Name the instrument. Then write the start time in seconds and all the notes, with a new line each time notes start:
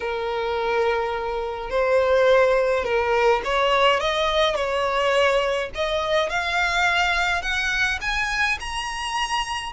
violin
0.00 A#4
1.70 C5
2.84 A#4
3.44 C#5
4.00 D#5
4.55 C#5
5.74 D#5
6.29 F5
7.42 F#5
8.01 G#5
8.59 A#5